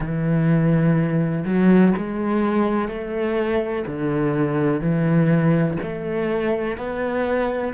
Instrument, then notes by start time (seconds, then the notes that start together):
cello
0.00 E3
1.45 F#3
1.97 G#3
2.88 A3
3.87 D3
4.80 E3
5.82 A3
6.77 B3